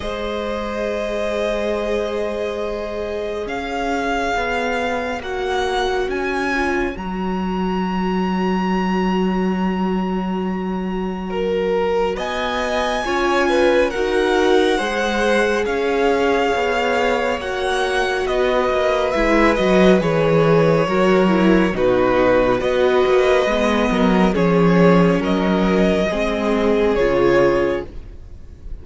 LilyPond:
<<
  \new Staff \with { instrumentName = "violin" } { \time 4/4 \tempo 4 = 69 dis''1 | f''2 fis''4 gis''4 | ais''1~ | ais''2 gis''2 |
fis''2 f''2 | fis''4 dis''4 e''8 dis''8 cis''4~ | cis''4 b'4 dis''2 | cis''4 dis''2 cis''4 | }
  \new Staff \with { instrumentName = "violin" } { \time 4/4 c''1 | cis''1~ | cis''1~ | cis''4 ais'4 dis''4 cis''8 b'8 |
ais'4 c''4 cis''2~ | cis''4 b'2. | ais'4 fis'4 b'4. ais'8 | gis'4 ais'4 gis'2 | }
  \new Staff \with { instrumentName = "viola" } { \time 4/4 gis'1~ | gis'2 fis'4. f'8 | fis'1~ | fis'2. f'4 |
fis'4 gis'2. | fis'2 e'8 fis'8 gis'4 | fis'8 e'8 dis'4 fis'4 b4 | cis'2 c'4 f'4 | }
  \new Staff \with { instrumentName = "cello" } { \time 4/4 gis1 | cis'4 b4 ais4 cis'4 | fis1~ | fis2 b4 cis'4 |
dis'4 gis4 cis'4 b4 | ais4 b8 ais8 gis8 fis8 e4 | fis4 b,4 b8 ais8 gis8 fis8 | f4 fis4 gis4 cis4 | }
>>